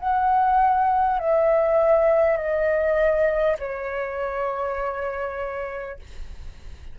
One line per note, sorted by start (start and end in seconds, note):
0.00 1.19 F#5
1.19 2.38 E5
2.38 3.58 D#5
3.59 5.99 C#5